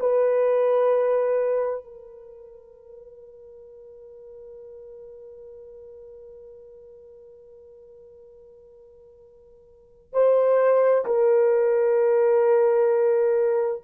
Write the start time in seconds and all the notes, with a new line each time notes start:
0.00 B4
1.84 A#4
10.13 C5
11.06 A#4